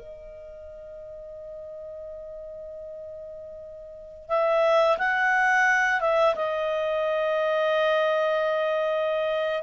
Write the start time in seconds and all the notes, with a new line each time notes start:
0.00 D#5
4.29 E5
4.98 F#5
6.01 E5
6.36 D#5